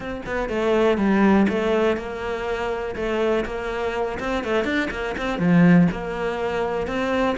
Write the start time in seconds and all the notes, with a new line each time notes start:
0.00 C4
0.26 B3
0.49 A3
0.97 G3
1.49 A3
1.96 A#3
2.95 A3
3.45 A#3
4.19 C4
4.44 A3
4.64 D4
4.90 A#3
5.17 C4
5.38 F3
5.91 A#3
6.87 C4